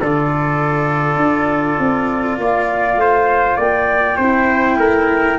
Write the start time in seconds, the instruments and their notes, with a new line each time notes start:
0.00 tuba D3, cello F4, trumpet A4, flute D5
1.16 tuba D4
1.79 tuba C4
2.38 tuba A#3, trumpet D5, flute F5
2.96 tuba A3, trumpet C5
3.56 tuba A#3, trumpet D5, flute G5
4.17 tuba C4, cello E4, trumpet C5
4.77 tuba A3, trumpet A#4